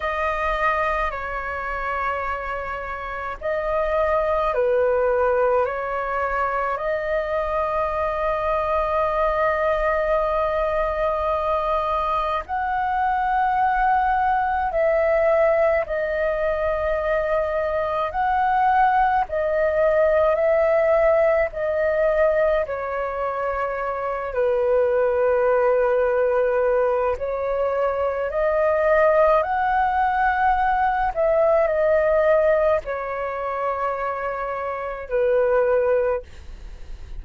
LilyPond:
\new Staff \with { instrumentName = "flute" } { \time 4/4 \tempo 4 = 53 dis''4 cis''2 dis''4 | b'4 cis''4 dis''2~ | dis''2. fis''4~ | fis''4 e''4 dis''2 |
fis''4 dis''4 e''4 dis''4 | cis''4. b'2~ b'8 | cis''4 dis''4 fis''4. e''8 | dis''4 cis''2 b'4 | }